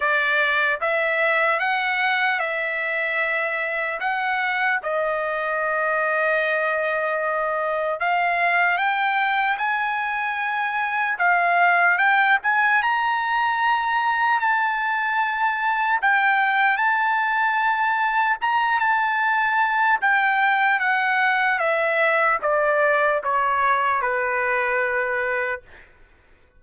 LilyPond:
\new Staff \with { instrumentName = "trumpet" } { \time 4/4 \tempo 4 = 75 d''4 e''4 fis''4 e''4~ | e''4 fis''4 dis''2~ | dis''2 f''4 g''4 | gis''2 f''4 g''8 gis''8 |
ais''2 a''2 | g''4 a''2 ais''8 a''8~ | a''4 g''4 fis''4 e''4 | d''4 cis''4 b'2 | }